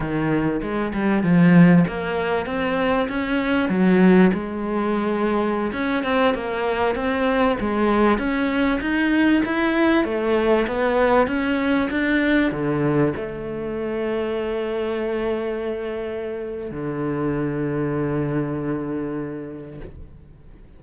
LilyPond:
\new Staff \with { instrumentName = "cello" } { \time 4/4 \tempo 4 = 97 dis4 gis8 g8 f4 ais4 | c'4 cis'4 fis4 gis4~ | gis4~ gis16 cis'8 c'8 ais4 c'8.~ | c'16 gis4 cis'4 dis'4 e'8.~ |
e'16 a4 b4 cis'4 d'8.~ | d'16 d4 a2~ a8.~ | a2. d4~ | d1 | }